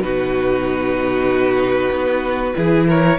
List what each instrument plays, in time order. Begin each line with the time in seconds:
0.00 cello B2, viola D#4, violin F#4 B4
1.90 cello B3
2.55 cello E3, viola E4, violin G#4
2.87 violin A#4 C#5